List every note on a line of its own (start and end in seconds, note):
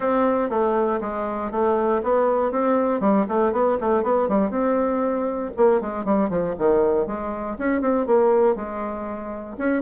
0.00 0.49 C4
0.49 0.99 A3
1.01 1.51 G#3
1.51 2.01 A3
2.03 2.51 B3
2.51 3.00 C4
3.00 3.25 G3
3.28 3.52 A3
3.52 3.77 B3
3.80 4.03 A3
4.03 4.28 B3
4.28 4.50 G3
4.50 5.51 C4
5.56 5.80 A#3
5.80 6.04 G#3
6.04 6.29 G3
6.29 6.55 F3
6.58 7.07 D#3
7.07 7.57 G#3
7.58 7.81 C#4
7.81 8.06 C4
8.06 8.55 A#3
8.55 9.56 G#3
9.58 9.82 C#4